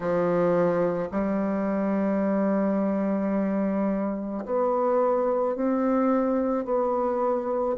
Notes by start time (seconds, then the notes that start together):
0.00 F3
1.11 G3
4.44 B3
5.56 C4
6.65 B3